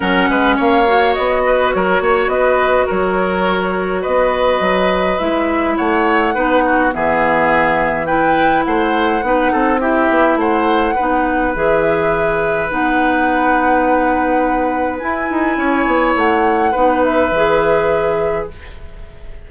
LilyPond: <<
  \new Staff \with { instrumentName = "flute" } { \time 4/4 \tempo 4 = 104 fis''4 f''4 dis''4 cis''4 | dis''4 cis''2 dis''4~ | dis''4 e''4 fis''2 | e''2 g''4 fis''4~ |
fis''4 e''4 fis''2 | e''2 fis''2~ | fis''2 gis''2 | fis''4. e''2~ e''8 | }
  \new Staff \with { instrumentName = "oboe" } { \time 4/4 ais'8 b'8 cis''4. b'8 ais'8 cis''8 | b'4 ais'2 b'4~ | b'2 cis''4 b'8 fis'8 | gis'2 b'4 c''4 |
b'8 a'8 g'4 c''4 b'4~ | b'1~ | b'2. cis''4~ | cis''4 b'2. | }
  \new Staff \with { instrumentName = "clarinet" } { \time 4/4 cis'4. fis'2~ fis'8~ | fis'1~ | fis'4 e'2 dis'4 | b2 e'2 |
dis'4 e'2 dis'4 | gis'2 dis'2~ | dis'2 e'2~ | e'4 dis'4 gis'2 | }
  \new Staff \with { instrumentName = "bassoon" } { \time 4/4 fis8 gis8 ais4 b4 fis8 ais8 | b4 fis2 b4 | fis4 gis4 a4 b4 | e2. a4 |
b8 c'4 b8 a4 b4 | e2 b2~ | b2 e'8 dis'8 cis'8 b8 | a4 b4 e2 | }
>>